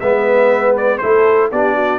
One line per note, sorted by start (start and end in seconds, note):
0.00 1.01 G#3
0.00 1.02 B3
0.00 1.01 B4
0.00 0.75 E5
0.77 0.98 D5
0.98 1.52 A3
0.98 1.52 E4
0.98 1.51 A4
0.98 1.48 C5
1.51 1.99 B3
1.51 1.99 D4
1.51 1.75 G4
1.51 1.99 D5
1.75 1.99 F#4